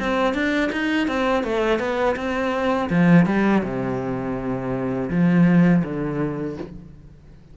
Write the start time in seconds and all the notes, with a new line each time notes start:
0.00 C4
0.34 D4
0.73 D#4
1.08 C4
1.44 A3
1.80 B3
2.17 C4
2.90 F3
3.26 G3
3.64 C3
5.11 F3
5.84 D3